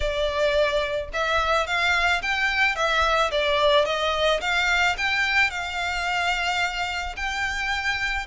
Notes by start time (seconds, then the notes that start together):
0.00 D5
1.13 E5
1.66 F5
2.22 G5
2.75 E5
3.31 D5
3.85 D#5
4.41 F5
4.97 G5
5.50 F5
7.16 G5